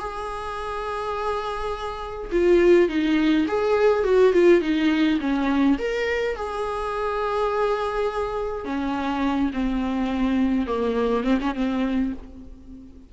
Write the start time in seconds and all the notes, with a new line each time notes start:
0.00 G#4
2.32 F4
2.89 D#4
3.48 G#4
4.04 F#4
4.33 F4
4.62 D#4
5.21 C#4
5.79 A#4
6.36 G#4
8.65 C#4
9.53 C4
10.67 A#3
11.24 C4
11.41 C#4
11.55 C4